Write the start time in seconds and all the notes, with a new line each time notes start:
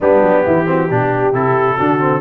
0.00 G3 B3 D4 G4
0.22 F#3
0.45 E3 E4
0.65 C4 F#4
0.88 B2 D4 G4
1.33 C3 E4 A4
1.76 D3 D4 F#4
1.99 C4